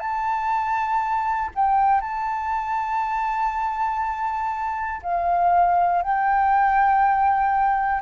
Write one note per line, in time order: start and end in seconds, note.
0.00 1.50 A5
1.55 2.01 G5
2.01 5.01 A5
5.03 6.02 F5
6.02 8.01 G5